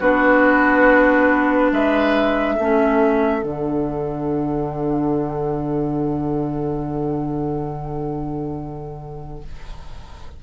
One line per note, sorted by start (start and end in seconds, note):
0.00 1.72 B3
0.00 2.59 D4
0.00 1.71 F#4
0.00 1.72 B4
1.72 2.58 G#3
1.72 2.56 B4
1.72 3.43 E5
2.56 3.43 A3
2.56 3.42 C#4
2.56 9.41 A4
3.42 9.43 D3
3.42 9.42 D4
3.42 9.43 F#5